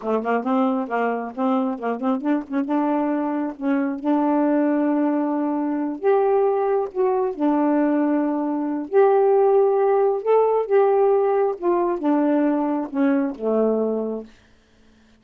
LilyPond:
\new Staff \with { instrumentName = "saxophone" } { \time 4/4 \tempo 4 = 135 a8 ais8 c'4 ais4 c'4 | ais8 c'8 d'8 cis'8 d'2 | cis'4 d'2.~ | d'4. g'2 fis'8~ |
fis'8 d'2.~ d'8 | g'2. a'4 | g'2 f'4 d'4~ | d'4 cis'4 a2 | }